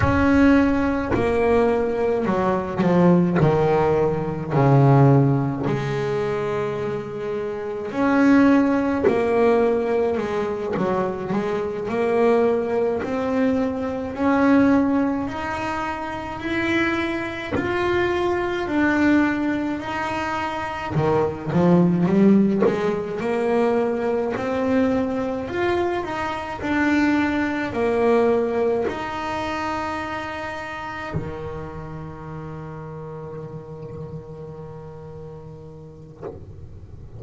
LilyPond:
\new Staff \with { instrumentName = "double bass" } { \time 4/4 \tempo 4 = 53 cis'4 ais4 fis8 f8 dis4 | cis4 gis2 cis'4 | ais4 gis8 fis8 gis8 ais4 c'8~ | c'8 cis'4 dis'4 e'4 f'8~ |
f'8 d'4 dis'4 dis8 f8 g8 | gis8 ais4 c'4 f'8 dis'8 d'8~ | d'8 ais4 dis'2 dis8~ | dis1 | }